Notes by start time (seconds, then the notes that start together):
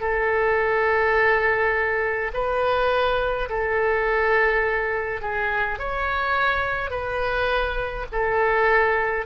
0.00 A4
2.33 B4
3.49 A4
5.21 G#4
5.78 C#5
6.90 B4
8.12 A4